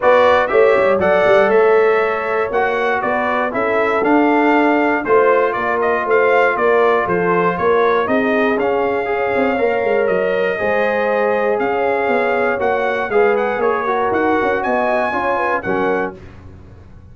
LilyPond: <<
  \new Staff \with { instrumentName = "trumpet" } { \time 4/4 \tempo 4 = 119 d''4 e''4 fis''4 e''4~ | e''4 fis''4 d''4 e''4 | f''2 c''4 d''8 dis''8 | f''4 d''4 c''4 cis''4 |
dis''4 f''2. | dis''2. f''4~ | f''4 fis''4 f''8 fis''8 cis''4 | fis''4 gis''2 fis''4 | }
  \new Staff \with { instrumentName = "horn" } { \time 4/4 b'4 cis''4 d''4 cis''4~ | cis''2 b'4 a'4~ | a'2 c''4 ais'4 | c''4 ais'4 a'4 ais'4 |
gis'2 cis''2~ | cis''4 c''2 cis''4~ | cis''2 b'4 ais'4~ | ais'4 dis''4 cis''8 b'8 ais'4 | }
  \new Staff \with { instrumentName = "trombone" } { \time 4/4 fis'4 g'4 a'2~ | a'4 fis'2 e'4 | d'2 f'2~ | f'1 |
dis'4 cis'4 gis'4 ais'4~ | ais'4 gis'2.~ | gis'4 fis'4 gis'4. fis'8~ | fis'2 f'4 cis'4 | }
  \new Staff \with { instrumentName = "tuba" } { \time 4/4 b4 a8 g8 fis8 g8 a4~ | a4 ais4 b4 cis'4 | d'2 a4 ais4 | a4 ais4 f4 ais4 |
c'4 cis'4. c'8 ais8 gis8 | fis4 gis2 cis'4 | b4 ais4 gis4 ais4 | dis'8 cis'8 b4 cis'4 fis4 | }
>>